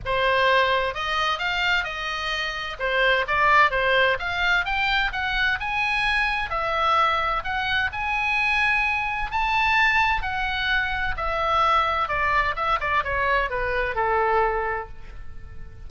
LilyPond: \new Staff \with { instrumentName = "oboe" } { \time 4/4 \tempo 4 = 129 c''2 dis''4 f''4 | dis''2 c''4 d''4 | c''4 f''4 g''4 fis''4 | gis''2 e''2 |
fis''4 gis''2. | a''2 fis''2 | e''2 d''4 e''8 d''8 | cis''4 b'4 a'2 | }